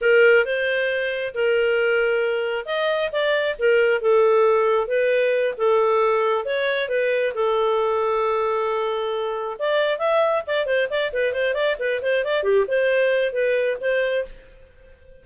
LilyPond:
\new Staff \with { instrumentName = "clarinet" } { \time 4/4 \tempo 4 = 135 ais'4 c''2 ais'4~ | ais'2 dis''4 d''4 | ais'4 a'2 b'4~ | b'8 a'2 cis''4 b'8~ |
b'8 a'2.~ a'8~ | a'4. d''4 e''4 d''8 | c''8 d''8 b'8 c''8 d''8 b'8 c''8 d''8 | g'8 c''4. b'4 c''4 | }